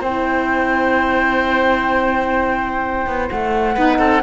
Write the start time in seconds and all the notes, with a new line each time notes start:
0.00 C4 E4 C5 G5
3.06 B3
3.29 A3 F#5
3.74 B3 D#4 B4
3.98 C4 A4